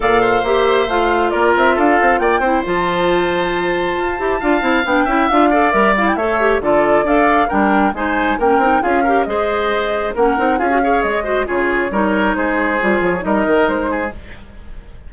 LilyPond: <<
  \new Staff \with { instrumentName = "flute" } { \time 4/4 \tempo 4 = 136 f''4 e''4 f''4 d''8 e''8 | f''4 g''4 a''2~ | a''2. g''4 | f''4 e''8 f''16 g''16 e''4 d''4 |
f''4 g''4 gis''4 g''4 | f''4 dis''2 fis''4 | f''4 dis''4 cis''2 | c''4. cis''8 dis''4 c''4 | }
  \new Staff \with { instrumentName = "oboe" } { \time 4/4 d''8 c''2~ c''8 ais'4 | a'4 d''8 c''2~ c''8~ | c''2 f''4. e''8~ | e''8 d''4. cis''4 a'4 |
d''4 ais'4 c''4 ais'4 | gis'8 ais'8 c''2 ais'4 | gis'8 cis''4 c''8 gis'4 ais'4 | gis'2 ais'4. gis'8 | }
  \new Staff \with { instrumentName = "clarinet" } { \time 4/4 a'4 g'4 f'2~ | f'4. e'8 f'2~ | f'4. g'8 f'8 e'8 d'8 e'8 | f'8 a'8 ais'8 e'8 a'8 g'8 f'4 |
a'4 d'4 dis'4 cis'8 dis'8 | f'8 g'8 gis'2 cis'8 dis'8 | f'16 fis'16 gis'4 fis'8 f'4 dis'4~ | dis'4 f'4 dis'2 | }
  \new Staff \with { instrumentName = "bassoon" } { \time 4/4 ais,4 ais4 a4 ais8 c'8 | d'8 c'8 ais8 c'8 f2~ | f4 f'8 e'8 d'8 c'8 b8 cis'8 | d'4 g4 a4 d4 |
d'4 g4 gis4 ais8 c'8 | cis'4 gis2 ais8 c'8 | cis'4 gis4 cis4 g4 | gis4 g8 f8 g8 dis8 gis4 | }
>>